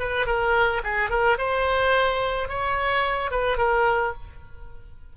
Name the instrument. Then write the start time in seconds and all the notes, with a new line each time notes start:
oboe
0.00 B4
0.27 A#4
0.84 G#4
1.10 A#4
1.38 C5
2.49 C#5
3.31 B4
3.58 A#4